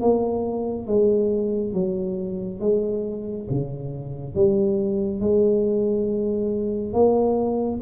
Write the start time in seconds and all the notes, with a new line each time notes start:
0.00 A#3
0.87 G#3
1.73 F#3
2.60 G#3
3.50 C#3
4.34 G3
5.20 G#3
6.93 A#3